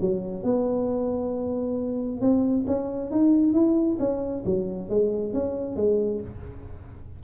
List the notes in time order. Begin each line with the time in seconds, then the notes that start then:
0.00 F#3
0.43 B3
2.21 C4
2.67 C#4
3.11 D#4
3.53 E4
3.99 C#4
4.45 F#3
4.89 G#3
5.33 C#4
5.76 G#3